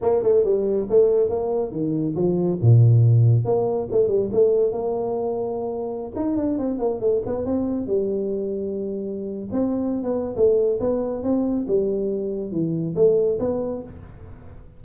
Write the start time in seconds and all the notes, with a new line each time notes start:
0.01 A#3
0.23 A3
0.44 G3
0.89 A3
1.29 A#3
1.71 D#3
2.15 F3
2.61 A#2
3.44 A#3
3.91 A3
4.08 G3
4.32 A3
4.71 A#3
6.15 D#4
6.36 D4
6.58 C4
6.79 A#3
7.00 A3
7.25 B3
7.45 C4
7.86 G3
9.52 C4
10.03 B3
10.36 A3
10.80 B3
11.23 C4
11.67 G3
12.51 E3
12.95 A3
13.39 B3